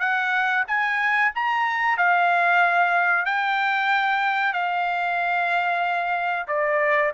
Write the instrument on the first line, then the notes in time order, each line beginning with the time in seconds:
trumpet
0.00 F#5
0.68 G#5
1.35 A#5
1.98 F5
3.26 G5
4.53 F5
6.48 D5